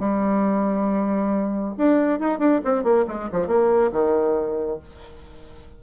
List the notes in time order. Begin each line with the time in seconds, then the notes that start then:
0.00 G3
1.78 D4
2.20 D#4
2.39 D4
2.65 C4
2.84 A#3
3.08 G#3
3.33 F3
3.48 A#3
3.92 D#3